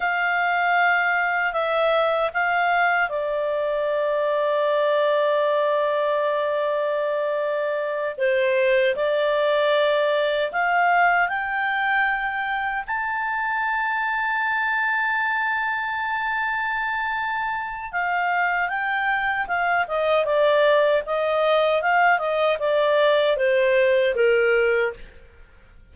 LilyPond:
\new Staff \with { instrumentName = "clarinet" } { \time 4/4 \tempo 4 = 77 f''2 e''4 f''4 | d''1~ | d''2~ d''8 c''4 d''8~ | d''4. f''4 g''4.~ |
g''8 a''2.~ a''8~ | a''2. f''4 | g''4 f''8 dis''8 d''4 dis''4 | f''8 dis''8 d''4 c''4 ais'4 | }